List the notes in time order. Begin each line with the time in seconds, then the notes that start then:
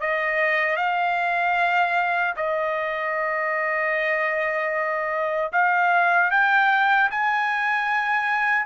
0.00 D#5
0.76 F5
2.36 D#5
5.52 F5
6.31 G5
7.11 G#5